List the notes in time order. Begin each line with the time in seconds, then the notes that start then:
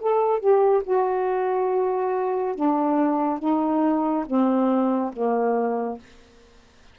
0.00 A4
0.39 G4
0.83 F#4
2.55 D4
3.39 D#4
4.26 C4
5.12 A#3